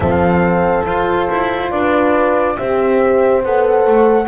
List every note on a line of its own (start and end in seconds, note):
0.00 0.85 F3
0.00 0.85 C4
0.00 1.71 A4
0.00 0.84 F5
0.85 2.56 F4
0.85 1.29 F4
0.85 1.70 C5
1.30 1.71 E4
1.70 2.57 D4
1.70 2.57 B4
1.70 2.56 D5
2.56 3.45 C4
2.56 3.43 G4
2.56 4.27 C5
2.56 3.42 E5
3.44 3.86 B3
3.44 4.27 A4
3.44 4.27 F#5
3.86 4.27 A3